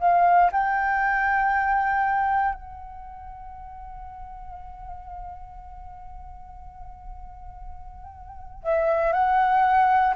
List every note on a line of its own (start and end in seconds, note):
0.00 0.51 F5
0.52 2.55 G5
2.55 8.63 F#5
8.63 9.12 E5
9.12 10.14 F#5